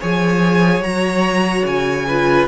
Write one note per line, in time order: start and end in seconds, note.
0.00 0.80 F3
0.00 0.82 G#4
0.00 2.05 C#5
0.00 0.83 G#5
0.80 1.62 F#3
0.80 2.05 F#4
0.80 1.65 A#5
1.65 2.47 C#3
1.65 2.48 G#5
2.07 2.48 F4
2.07 2.48 B4